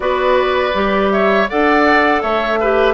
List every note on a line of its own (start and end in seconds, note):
0.00 0.72 B3
0.00 0.73 F#4
0.00 1.12 B4
0.00 1.10 D5
0.73 1.48 G3
0.73 1.47 G4
1.10 1.49 C#5
1.10 1.47 E5
1.49 2.22 D4
1.49 2.60 A4
1.49 2.22 D5
1.49 2.22 F#5
2.22 2.94 A3
2.22 2.59 C#5
2.22 2.94 E5
2.60 2.94 G4
2.60 2.94 B4